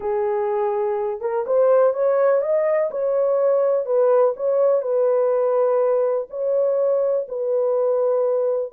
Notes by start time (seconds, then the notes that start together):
0.00 G#4
1.21 A#4
1.46 C5
1.93 C#5
2.41 D#5
2.91 C#5
3.85 B4
4.36 C#5
4.82 B4
6.29 C#5
7.28 B4